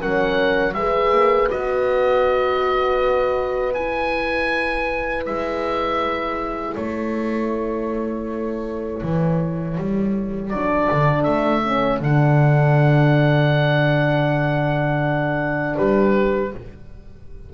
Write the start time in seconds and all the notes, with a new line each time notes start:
0.00 F#3 C#4 A#4 F#5
0.75 G#3 G#4 B4 E5
1.12 A#3
1.51 B3 F#4 D#5
3.74 E4 G#5
5.26 G#3 E5
6.74 A3 A4 C#5
9.03 E3
9.78 G3
10.50 F#3 D4 D5
10.92 D3
11.24 A3 E5
11.64 C#4
12.01 D3 D4 F#5
15.77 G3 G4 B4